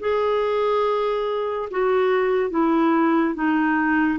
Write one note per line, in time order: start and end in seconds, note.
0.00 1.69 G#4
1.71 2.50 F#4
2.50 3.35 E4
3.35 4.19 D#4